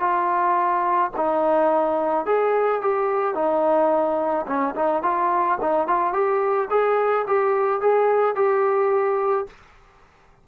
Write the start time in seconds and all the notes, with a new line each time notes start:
0.00 F4
1.17 D#4
2.26 G#4
2.81 G4
3.35 D#4
4.47 C#4
4.76 D#4
5.03 F4
5.61 D#4
5.88 F4
6.13 G4
6.70 G#4
7.27 G4
7.81 G#4
8.35 G4